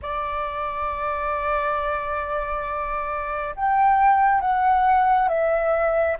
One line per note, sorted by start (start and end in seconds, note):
0.02 3.55 D5
3.55 4.40 G5
4.40 5.28 F#5
5.28 6.16 E5